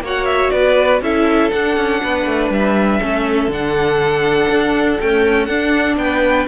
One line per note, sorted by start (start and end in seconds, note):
0.00 0.50 A#3
0.00 1.02 F#4
0.00 0.52 C#5
0.06 0.25 F#5
0.25 0.50 E5
0.50 1.01 B3
0.50 1.02 B4
0.50 0.99 D5
1.01 1.50 C#4
1.01 1.52 E4
1.01 2.02 A4
1.01 1.50 E5
1.50 3.01 D4
1.50 1.77 D4
1.50 2.49 F#5
1.77 2.02 C#4
2.03 2.26 B3
2.03 3.00 B4
2.26 2.50 A3
2.50 2.99 G3
2.50 3.51 E5
3.00 3.47 A3
3.00 3.51 C#4
3.00 5.97 A4
3.47 4.46 D3
3.47 5.00 D4
3.47 5.00 F#5
4.49 4.99 D4
5.00 5.49 A3
5.00 5.48 C#4
5.00 5.45 G5
5.45 5.97 D4
5.45 6.48 D4
5.45 5.95 F#5
5.97 6.46 B3
5.97 6.48 B4
5.97 6.47 G5